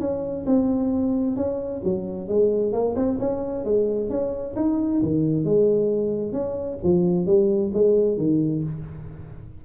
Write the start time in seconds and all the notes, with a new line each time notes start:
0.00 C#4
0.46 C4
1.36 C#4
1.84 F#3
2.28 G#3
2.73 A#3
2.96 C4
3.20 C#4
3.65 G#3
4.10 C#4
4.56 D#4
5.02 D#3
5.45 G#3
6.33 C#4
6.83 F3
7.26 G3
7.74 G#3
8.18 D#3